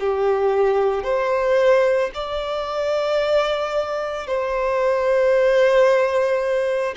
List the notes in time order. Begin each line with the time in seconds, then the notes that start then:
0.00 G4
1.04 C5
2.15 D5
4.28 C5